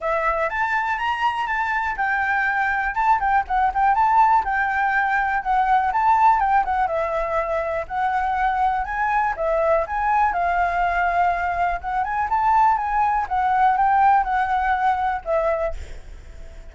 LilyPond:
\new Staff \with { instrumentName = "flute" } { \time 4/4 \tempo 4 = 122 e''4 a''4 ais''4 a''4 | g''2 a''8 g''8 fis''8 g''8 | a''4 g''2 fis''4 | a''4 g''8 fis''8 e''2 |
fis''2 gis''4 e''4 | gis''4 f''2. | fis''8 gis''8 a''4 gis''4 fis''4 | g''4 fis''2 e''4 | }